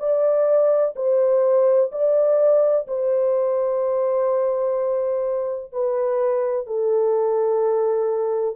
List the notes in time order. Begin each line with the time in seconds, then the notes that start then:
0.00 D5
0.96 C5
1.92 D5
2.88 C5
5.73 B4
6.67 A4